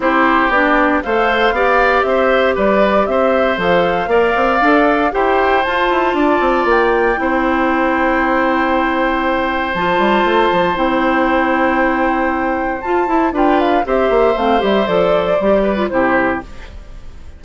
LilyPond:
<<
  \new Staff \with { instrumentName = "flute" } { \time 4/4 \tempo 4 = 117 c''4 d''4 f''2 | e''4 d''4 e''4 f''4~ | f''2 g''4 a''4~ | a''4 g''2.~ |
g''2. a''4~ | a''4 g''2.~ | g''4 a''4 g''8 f''8 e''4 | f''8 e''8 d''2 c''4 | }
  \new Staff \with { instrumentName = "oboe" } { \time 4/4 g'2 c''4 d''4 | c''4 b'4 c''2 | d''2 c''2 | d''2 c''2~ |
c''1~ | c''1~ | c''2 b'4 c''4~ | c''2~ c''8 b'8 g'4 | }
  \new Staff \with { instrumentName = "clarinet" } { \time 4/4 e'4 d'4 a'4 g'4~ | g'2. a'4 | ais'4 a'4 g'4 f'4~ | f'2 e'2~ |
e'2. f'4~ | f'4 e'2.~ | e'4 f'8 e'8 f'4 g'4 | c'8 g'8 a'4 g'8. f'16 e'4 | }
  \new Staff \with { instrumentName = "bassoon" } { \time 4/4 c'4 b4 a4 b4 | c'4 g4 c'4 f4 | ais8 c'8 d'4 e'4 f'8 e'8 | d'8 c'8 ais4 c'2~ |
c'2. f8 g8 | a8 f8 c'2.~ | c'4 f'8 e'8 d'4 c'8 ais8 | a8 g8 f4 g4 c4 | }
>>